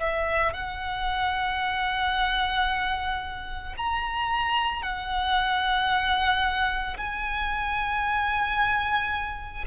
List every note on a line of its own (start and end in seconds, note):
0.00 0.54 E5
0.54 3.75 F#5
3.77 4.83 A#5
4.83 6.97 F#5
6.97 9.65 G#5